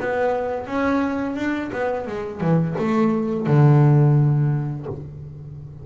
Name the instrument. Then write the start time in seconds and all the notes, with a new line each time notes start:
double bass
0.00 B3
0.67 C#4
1.35 D4
1.72 B3
2.07 G#3
2.40 E3
2.78 A3
3.47 D3